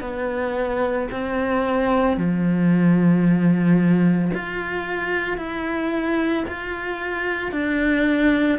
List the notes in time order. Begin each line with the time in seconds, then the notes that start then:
0.00 B3
1.11 C4
2.17 F3
4.33 F4
5.37 E4
6.48 F4
7.51 D4